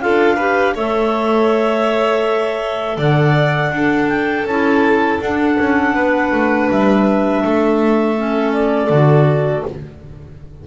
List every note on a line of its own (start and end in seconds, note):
0.00 0.75 D4
0.00 0.37 F4
0.00 0.36 A4
0.00 0.74 F5
0.36 0.76 G4
0.36 0.73 B4
0.74 2.97 A3
0.74 3.72 A4
0.74 2.96 C#5
0.74 2.98 E5
2.97 3.70 D3
2.97 3.71 D5
2.97 4.08 F#5
3.70 4.44 D4
3.70 4.47 D4
3.70 5.95 A4
4.08 4.45 G5
4.44 5.18 C#4
4.44 5.22 E4
4.44 5.21 A5
5.20 5.57 D4
5.20 8.17 D4
5.20 6.69 F#5
5.59 5.94 C#4
5.94 6.31 B3
5.94 7.43 B4
6.31 6.68 A3
6.70 7.44 G3
6.70 8.52 E5
7.44 8.89 A3
7.44 9.67 A4
8.17 8.91 C#4
8.52 9.64 D5
8.89 9.63 D3
8.89 9.65 F#4